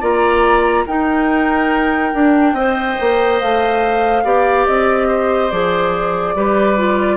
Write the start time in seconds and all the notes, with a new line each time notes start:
0.00 A#3 F4 D5 A#5
0.85 D#4 A#4 G5
2.13 D4
2.53 C4 C5 D#5
3.00 A#3
3.40 A3 F5
4.24 B3 G4 D5
4.67 C4 D#5
5.08 C5
5.51 F3 G#4 D5
6.35 G3 G4 B4
6.77 F4